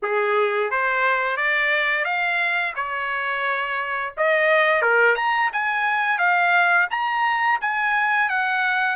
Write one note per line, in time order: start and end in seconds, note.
0.02 0.71 G#4
0.71 1.36 C5
1.36 2.04 D5
2.04 2.73 F5
2.75 4.13 C#5
4.17 4.82 D#5
4.82 5.15 A#4
5.15 5.50 A#5
5.52 6.18 G#5
6.18 6.87 F5
6.90 7.59 A#5
7.61 8.29 G#5
8.29 8.96 F#5